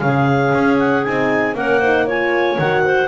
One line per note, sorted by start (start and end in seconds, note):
0.00 0.53 C#3
0.00 1.04 C#4
0.00 1.57 G#4
0.00 0.77 F5
0.55 1.06 C#4
0.79 1.04 F#5
1.04 1.55 C4
1.04 1.55 D#4
1.04 1.55 G#5
1.55 2.57 A#3
1.55 1.81 C#4
1.55 1.79 A#4
1.55 2.08 F#5
1.79 2.08 D#4
1.79 2.05 C5
2.06 2.59 F4
2.06 2.83 C#5
2.06 2.59 G#5
2.58 3.08 D#3
2.58 3.08 F#4
2.58 3.08 F#5
2.85 3.08 C5